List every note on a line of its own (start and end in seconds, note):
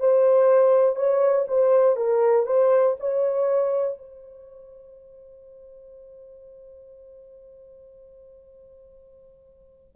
0.00 0.95 C5
0.95 1.45 C#5
1.47 1.96 C5
1.96 2.46 A#4
2.46 2.96 C5
3.00 3.98 C#5
3.98 9.95 C5